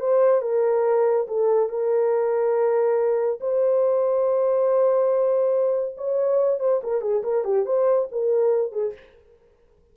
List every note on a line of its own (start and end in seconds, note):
0.00 0.42 C5
0.42 1.27 A#4
1.27 1.69 A4
1.69 3.40 A#4
3.40 5.96 C5
5.97 6.60 C#5
6.60 6.81 C5
6.83 7.02 A#4
7.02 7.23 G#4
7.23 7.44 A#4
7.44 7.66 G4
7.66 8.08 C5
8.12 8.72 A#4
8.72 8.93 G#4